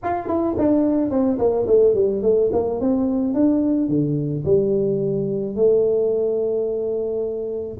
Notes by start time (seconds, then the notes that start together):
0.03 F4
0.27 E4
0.58 D4
1.10 C4
1.38 A#3
1.66 A3
1.94 G3
2.22 A3
2.52 A#3
2.80 C4
3.33 D4
3.88 D3
4.44 G3
5.55 A3